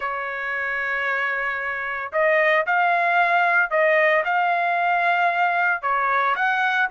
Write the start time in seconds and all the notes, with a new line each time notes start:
0.00 C#5
2.12 D#5
2.66 F5
3.70 D#5
4.24 F5
5.81 C#5
6.35 F#5